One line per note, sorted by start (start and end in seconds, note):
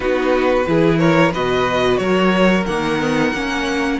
0.00 0.66 B3
0.00 0.62 D#4
0.00 0.67 F#4
0.00 0.98 B4
0.67 1.34 E3
0.67 1.33 E4
0.67 0.99 G#4
0.98 1.32 A#4
0.98 1.31 C#5
1.32 1.98 B2
1.32 2.67 F#4
1.32 1.99 B4
1.32 1.97 D#5
1.97 2.65 F#3
1.97 4.00 A#4
1.97 2.64 C#5
2.66 3.32 D#3
2.66 2.99 A#3
2.66 3.99 F#5
2.99 3.32 B3
3.32 3.99 A#3
3.32 4.00 C#4